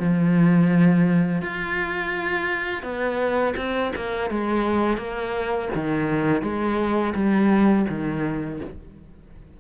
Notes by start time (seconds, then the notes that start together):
0.00 F3
1.42 F4
2.83 B3
3.57 C4
3.96 A#3
4.31 G#3
4.98 A#3
5.75 D#3
6.43 G#3
7.15 G3
7.89 D#3